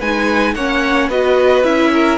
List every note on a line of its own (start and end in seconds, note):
0.00 0.55 G#3
0.00 0.57 D#4
0.00 0.55 B4
0.00 0.55 G#5
0.55 1.10 A#3
0.55 1.11 C#4
0.55 1.09 C#5
0.55 1.10 F#5
1.09 1.64 B3
1.09 1.64 F#4
1.09 1.91 B4
1.09 1.64 D#5
1.64 2.18 C#4
1.64 2.18 E4
1.64 2.18 E5
1.93 2.18 A#4